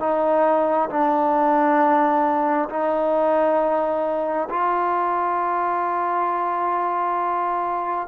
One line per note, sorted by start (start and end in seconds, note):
0.00 0.90 D#4
0.90 2.69 D4
2.69 4.49 D#4
4.50 8.08 F4